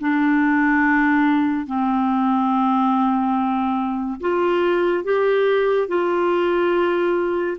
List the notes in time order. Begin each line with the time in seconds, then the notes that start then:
0.00 D4
1.66 C4
4.20 F4
5.04 G4
5.88 F4